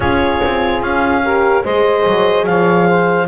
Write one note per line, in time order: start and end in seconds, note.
0.00 0.41 C#4
0.00 1.22 F4
0.00 1.22 G#4
0.00 0.82 C#5
0.44 0.81 C4
0.81 1.63 C#4
0.81 1.64 F5
1.23 1.64 G4
1.23 1.64 A#4
1.64 2.06 G#3
1.64 3.27 G#4
1.64 2.46 C5
1.64 2.45 D#5
2.06 2.47 F#3
2.45 3.27 F3
2.45 2.88 C#5
2.45 3.27 F5
2.88 3.27 C5